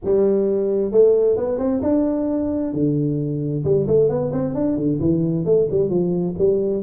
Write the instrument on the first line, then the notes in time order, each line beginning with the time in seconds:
tuba
0.04 G3
0.91 A3
1.36 B3
1.58 C4
1.82 D4
2.73 D3
3.64 G3
3.87 A3
4.09 B3
4.32 C4
4.54 D4
4.76 D3
5.00 E3
5.45 A3
5.70 G3
5.89 F3
6.38 G3